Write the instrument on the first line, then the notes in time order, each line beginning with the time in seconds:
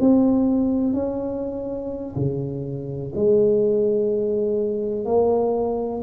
tuba
0.00 C4
0.94 C#4
2.16 C#3
3.15 G#3
5.05 A#3